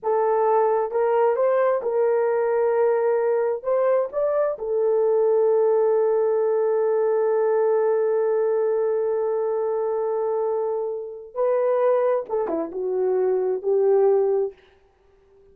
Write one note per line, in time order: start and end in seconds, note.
0.02 0.91 A4
0.91 1.35 A#4
1.35 1.81 C5
1.82 3.63 A#4
3.63 4.08 C5
4.12 4.57 D5
4.58 11.34 A4
11.34 12.25 B4
12.29 12.48 A4
12.48 12.70 E4
12.71 13.62 F#4
13.62 14.53 G4